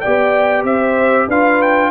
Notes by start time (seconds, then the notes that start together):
0.00 B3 G4 D5 G5
0.63 C4 C5 E5
1.27 D4 F4 B4 F5
1.61 G5